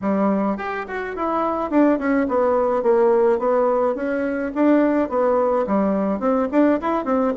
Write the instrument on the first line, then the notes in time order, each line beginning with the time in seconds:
bassoon
0.01 G3
0.57 G4
0.87 F#4
1.16 E4
1.70 D4
1.98 C#4
2.28 B3
2.83 A#3
3.38 B3
3.95 C#4
4.54 D4
5.09 B3
5.66 G3
6.19 C4
6.51 D4
6.81 E4
7.05 C4